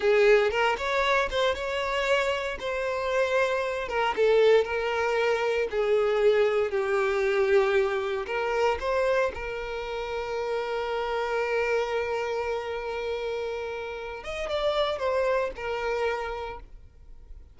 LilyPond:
\new Staff \with { instrumentName = "violin" } { \time 4/4 \tempo 4 = 116 gis'4 ais'8 cis''4 c''8 cis''4~ | cis''4 c''2~ c''8 ais'8 | a'4 ais'2 gis'4~ | gis'4 g'2. |
ais'4 c''4 ais'2~ | ais'1~ | ais'2.~ ais'8 dis''8 | d''4 c''4 ais'2 | }